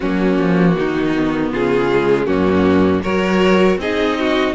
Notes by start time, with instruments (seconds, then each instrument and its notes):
0.00 cello F#3, viola A#3, violin C#4 F#4
0.37 cello F3
0.77 cello D#3, violin D#4
1.15 viola B3
1.51 cello C#3, violin F4 G#4
1.90 viola G#3
2.26 cello F#2, viola A#3, violin C#4 F#4
3.02 cello F#3, viola F#4, violin A#4 C#5
3.77 cello C4, viola D#4, violin G#4 D#5
4.18 violin F#4